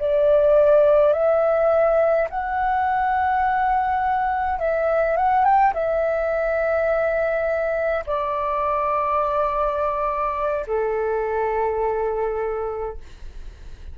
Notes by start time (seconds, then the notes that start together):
0.00 D5
1.13 E5
2.30 F#5
4.59 E5
5.17 F#5
5.45 G5
5.74 E5
8.07 D5
10.67 A4